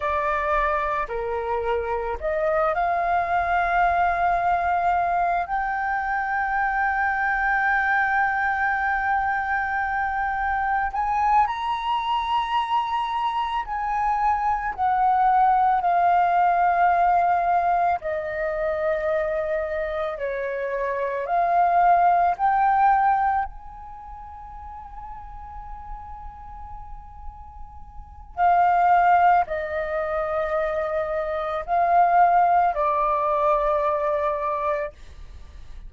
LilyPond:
\new Staff \with { instrumentName = "flute" } { \time 4/4 \tempo 4 = 55 d''4 ais'4 dis''8 f''4.~ | f''4 g''2.~ | g''2 gis''8 ais''4.~ | ais''8 gis''4 fis''4 f''4.~ |
f''8 dis''2 cis''4 f''8~ | f''8 g''4 gis''2~ gis''8~ | gis''2 f''4 dis''4~ | dis''4 f''4 d''2 | }